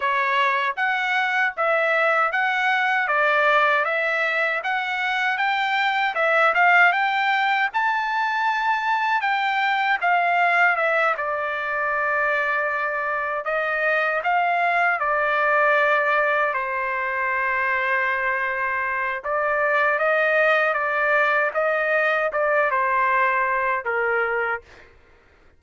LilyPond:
\new Staff \with { instrumentName = "trumpet" } { \time 4/4 \tempo 4 = 78 cis''4 fis''4 e''4 fis''4 | d''4 e''4 fis''4 g''4 | e''8 f''8 g''4 a''2 | g''4 f''4 e''8 d''4.~ |
d''4. dis''4 f''4 d''8~ | d''4. c''2~ c''8~ | c''4 d''4 dis''4 d''4 | dis''4 d''8 c''4. ais'4 | }